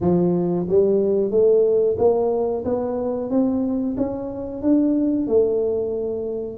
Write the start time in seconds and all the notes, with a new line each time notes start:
0.00 F3
0.68 G3
1.30 A3
1.98 A#3
2.65 B3
3.30 C4
3.97 C#4
4.62 D4
5.27 A3